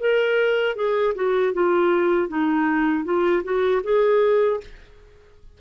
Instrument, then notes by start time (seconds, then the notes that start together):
clarinet
0.00 A#4
0.76 G#4
1.15 F#4
1.53 F4
2.29 D#4
3.05 F4
3.44 F#4
3.84 G#4